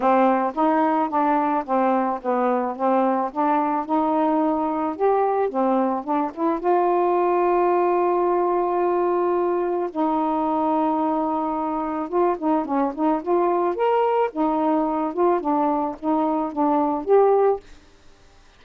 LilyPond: \new Staff \with { instrumentName = "saxophone" } { \time 4/4 \tempo 4 = 109 c'4 dis'4 d'4 c'4 | b4 c'4 d'4 dis'4~ | dis'4 g'4 c'4 d'8 e'8 | f'1~ |
f'2 dis'2~ | dis'2 f'8 dis'8 cis'8 dis'8 | f'4 ais'4 dis'4. f'8 | d'4 dis'4 d'4 g'4 | }